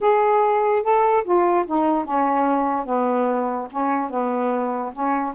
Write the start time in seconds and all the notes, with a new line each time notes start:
0.00 G#4
0.82 A4
1.24 F4
1.66 D#4
2.04 C#4
2.85 B3
3.70 C#4
4.10 B3
4.92 C#4